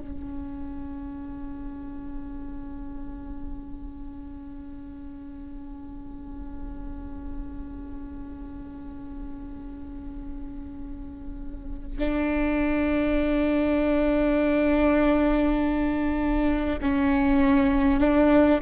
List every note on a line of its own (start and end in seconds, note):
0.00 11.98 C#4
11.98 16.78 D4
16.81 17.99 C#4
17.99 18.59 D4